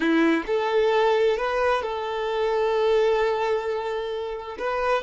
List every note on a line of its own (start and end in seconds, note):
0.00 0.43 E4
0.46 1.37 A4
1.37 1.82 B4
1.82 4.57 A4
4.58 5.02 B4